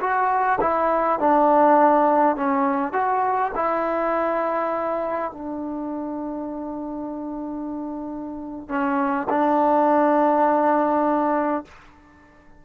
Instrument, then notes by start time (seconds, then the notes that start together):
trombone
0.00 F#4
0.61 E4
1.19 D4
2.36 C#4
2.93 F#4
3.55 E4
5.32 D4
8.68 C#4
9.29 D4